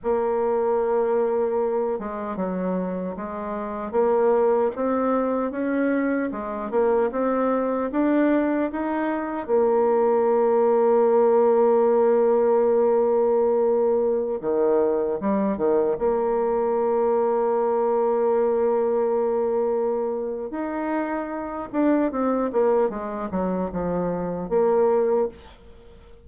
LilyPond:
\new Staff \with { instrumentName = "bassoon" } { \time 4/4 \tempo 4 = 76 ais2~ ais8 gis8 fis4 | gis4 ais4 c'4 cis'4 | gis8 ais8 c'4 d'4 dis'4 | ais1~ |
ais2~ ais16 dis4 g8 dis16~ | dis16 ais2.~ ais8.~ | ais2 dis'4. d'8 | c'8 ais8 gis8 fis8 f4 ais4 | }